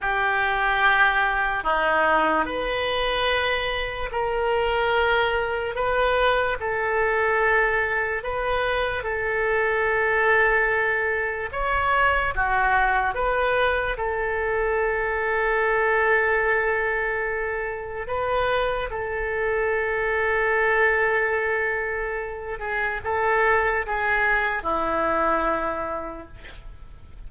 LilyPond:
\new Staff \with { instrumentName = "oboe" } { \time 4/4 \tempo 4 = 73 g'2 dis'4 b'4~ | b'4 ais'2 b'4 | a'2 b'4 a'4~ | a'2 cis''4 fis'4 |
b'4 a'2.~ | a'2 b'4 a'4~ | a'2.~ a'8 gis'8 | a'4 gis'4 e'2 | }